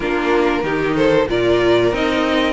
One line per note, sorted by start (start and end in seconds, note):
0.00 0.63 A#3
0.00 0.64 D4
0.00 0.62 F4
0.00 0.96 A#4
0.63 1.26 D#3
0.63 1.28 D#4
0.63 0.96 G4
0.96 1.28 A4
0.96 1.28 C5
1.28 1.92 A#2
1.28 1.92 F4
1.28 2.53 A#4
1.28 1.94 D5
1.92 2.53 C4
1.92 2.53 D#4
1.92 2.53 D#5